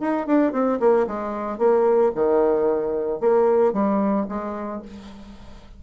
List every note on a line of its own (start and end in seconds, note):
0.00 0.27 D#4
0.27 0.53 D4
0.53 0.79 C4
0.80 1.07 A#3
1.07 1.59 G#3
1.59 2.12 A#3
2.16 3.20 D#3
3.20 3.73 A#3
3.73 4.27 G3
4.29 4.82 G#3